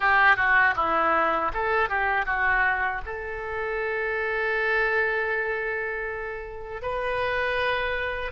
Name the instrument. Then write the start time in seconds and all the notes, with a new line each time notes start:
oboe
0.00 G4
0.36 F#4
0.76 E4
1.53 A4
1.88 G4
2.25 F#4
3.05 A4
6.81 B4